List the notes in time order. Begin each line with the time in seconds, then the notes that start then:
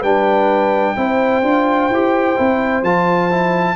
0.00 G3 D4 B4 G5
0.96 C4 E4 C5
1.43 D4 F4
1.90 E4 G4
2.37 C4 E4
2.83 F3 F4 A5
3.31 E4